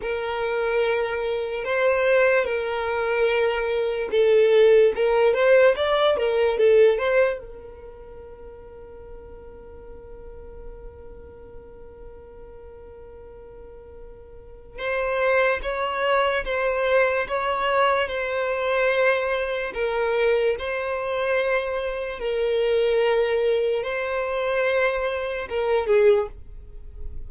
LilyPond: \new Staff \with { instrumentName = "violin" } { \time 4/4 \tempo 4 = 73 ais'2 c''4 ais'4~ | ais'4 a'4 ais'8 c''8 d''8 ais'8 | a'8 c''8 ais'2.~ | ais'1~ |
ais'2 c''4 cis''4 | c''4 cis''4 c''2 | ais'4 c''2 ais'4~ | ais'4 c''2 ais'8 gis'8 | }